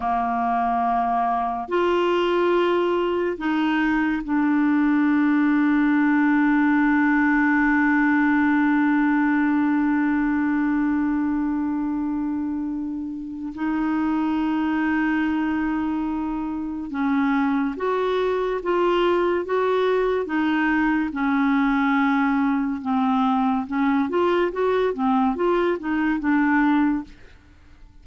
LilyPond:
\new Staff \with { instrumentName = "clarinet" } { \time 4/4 \tempo 4 = 71 ais2 f'2 | dis'4 d'2.~ | d'1~ | d'1 |
dis'1 | cis'4 fis'4 f'4 fis'4 | dis'4 cis'2 c'4 | cis'8 f'8 fis'8 c'8 f'8 dis'8 d'4 | }